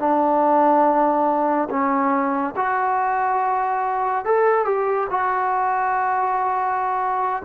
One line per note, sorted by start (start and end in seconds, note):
0.00 1.69 D4
1.70 2.55 C#4
2.56 4.25 F#4
4.25 4.65 A4
4.65 5.07 G4
5.10 7.43 F#4